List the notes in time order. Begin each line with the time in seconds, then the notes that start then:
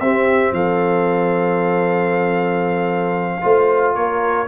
0.00 C4 G4 E5
0.52 F3 A4 F5
3.41 A3 F4 C5
3.95 A#3 A#4 C#5